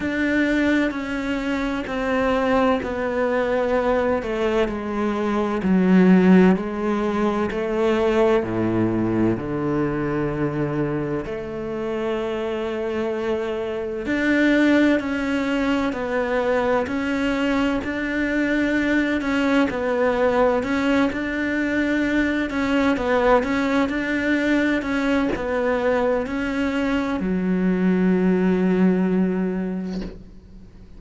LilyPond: \new Staff \with { instrumentName = "cello" } { \time 4/4 \tempo 4 = 64 d'4 cis'4 c'4 b4~ | b8 a8 gis4 fis4 gis4 | a4 a,4 d2 | a2. d'4 |
cis'4 b4 cis'4 d'4~ | d'8 cis'8 b4 cis'8 d'4. | cis'8 b8 cis'8 d'4 cis'8 b4 | cis'4 fis2. | }